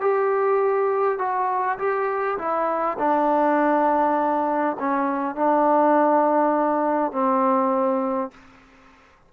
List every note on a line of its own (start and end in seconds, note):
0.00 1.18 G4
1.18 1.78 F#4
1.78 2.37 G4
2.38 2.97 E4
2.98 4.76 D4
4.79 5.35 C#4
5.35 7.12 D4
7.12 8.31 C4